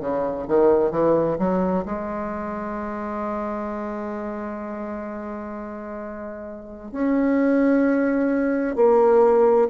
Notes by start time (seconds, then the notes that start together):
0.00 C#3
0.47 D#3
0.91 E3
1.38 F#3
1.85 G#3
6.91 C#4
8.76 A#3